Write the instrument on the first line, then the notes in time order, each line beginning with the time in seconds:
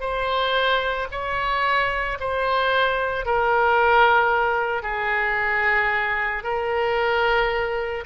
oboe
0.00 C5
1.11 C#5
2.20 C5
3.25 A#4
4.83 G#4
6.43 A#4